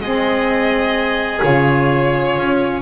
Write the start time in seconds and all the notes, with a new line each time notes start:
0.00 G#3 C4 G#4 D#5
1.41 C#3 F4 C#5
2.38 C#4